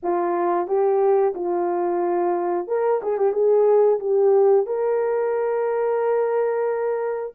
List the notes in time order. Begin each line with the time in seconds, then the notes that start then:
0.02 F4
0.67 G4
1.35 F4
2.67 A#4
3.02 G#4
3.17 G4
3.32 G#4
3.99 G4
4.66 A#4